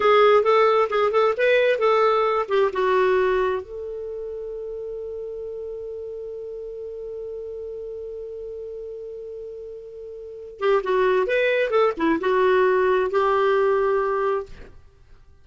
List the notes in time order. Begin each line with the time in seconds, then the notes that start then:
0.00 G#4
0.43 A4
0.89 G#4
1.11 A4
1.37 B4
1.78 A4
2.48 G4
2.72 F#4
3.62 A4
10.59 G4
10.83 F#4
11.26 B4
11.70 A4
11.97 E4
12.20 F#4
13.11 G4